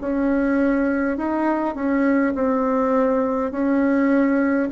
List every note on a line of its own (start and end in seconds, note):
0.00 1.17 C#4
1.17 1.75 D#4
1.75 2.34 C#4
2.34 3.51 C4
3.51 4.68 C#4